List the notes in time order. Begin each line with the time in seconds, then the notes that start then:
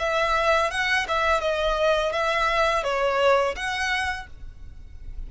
0.00 E5
0.71 F#5
1.08 E5
1.41 D#5
2.13 E5
2.84 C#5
3.56 F#5